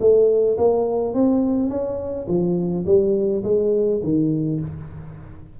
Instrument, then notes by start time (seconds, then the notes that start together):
tuba
0.00 A3
0.57 A#3
1.14 C4
1.69 C#4
2.28 F3
2.86 G3
3.43 G#3
4.03 D#3